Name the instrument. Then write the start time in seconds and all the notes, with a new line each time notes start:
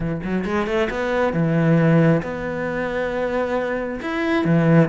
cello
0.00 E3
0.23 F#3
0.44 G#3
0.66 A3
0.90 B3
1.33 E3
2.22 B3
4.01 E4
4.44 E3